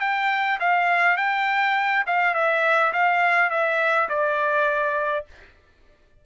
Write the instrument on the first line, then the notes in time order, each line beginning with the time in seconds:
trumpet
0.00 G5
0.60 F5
1.17 G5
2.06 F5
2.34 E5
2.93 F5
3.50 E5
4.09 D5